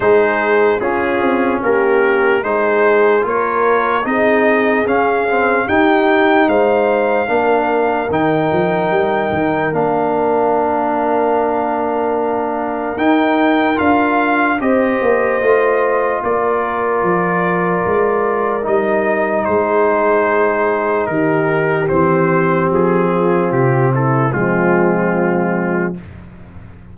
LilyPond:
<<
  \new Staff \with { instrumentName = "trumpet" } { \time 4/4 \tempo 4 = 74 c''4 gis'4 ais'4 c''4 | cis''4 dis''4 f''4 g''4 | f''2 g''2 | f''1 |
g''4 f''4 dis''2 | d''2. dis''4 | c''2 ais'4 c''4 | gis'4 g'8 a'8 f'2 | }
  \new Staff \with { instrumentName = "horn" } { \time 4/4 gis'4 f'4 g'4 gis'4 | ais'4 gis'2 g'4 | c''4 ais'2.~ | ais'1~ |
ais'2 c''2 | ais'1 | gis'2 g'2~ | g'8 f'4 e'8 c'2 | }
  \new Staff \with { instrumentName = "trombone" } { \time 4/4 dis'4 cis'2 dis'4 | f'4 dis'4 cis'8 c'8 dis'4~ | dis'4 d'4 dis'2 | d'1 |
dis'4 f'4 g'4 f'4~ | f'2. dis'4~ | dis'2. c'4~ | c'2 gis2 | }
  \new Staff \with { instrumentName = "tuba" } { \time 4/4 gis4 cis'8 c'8 ais4 gis4 | ais4 c'4 cis'4 dis'4 | gis4 ais4 dis8 f8 g8 dis8 | ais1 |
dis'4 d'4 c'8 ais8 a4 | ais4 f4 gis4 g4 | gis2 dis4 e4 | f4 c4 f2 | }
>>